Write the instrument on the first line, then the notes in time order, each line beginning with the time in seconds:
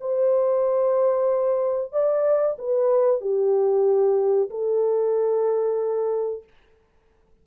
horn
0.00 C5
1.92 D5
2.58 B4
3.20 G4
4.50 A4